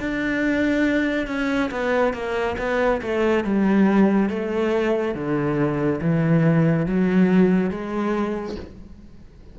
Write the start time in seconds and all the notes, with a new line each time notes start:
0.00 D4
1.27 C#4
1.71 B3
2.14 A#3
2.58 B3
3.02 A3
3.44 G3
4.30 A3
5.15 D3
6.01 E3
6.86 F#3
7.70 G#3